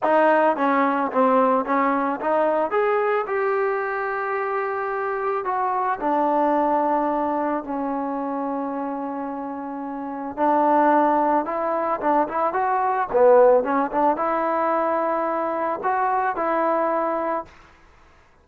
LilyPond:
\new Staff \with { instrumentName = "trombone" } { \time 4/4 \tempo 4 = 110 dis'4 cis'4 c'4 cis'4 | dis'4 gis'4 g'2~ | g'2 fis'4 d'4~ | d'2 cis'2~ |
cis'2. d'4~ | d'4 e'4 d'8 e'8 fis'4 | b4 cis'8 d'8 e'2~ | e'4 fis'4 e'2 | }